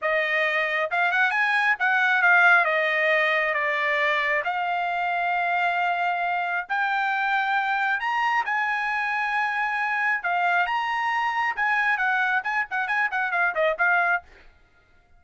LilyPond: \new Staff \with { instrumentName = "trumpet" } { \time 4/4 \tempo 4 = 135 dis''2 f''8 fis''8 gis''4 | fis''4 f''4 dis''2 | d''2 f''2~ | f''2. g''4~ |
g''2 ais''4 gis''4~ | gis''2. f''4 | ais''2 gis''4 fis''4 | gis''8 fis''8 gis''8 fis''8 f''8 dis''8 f''4 | }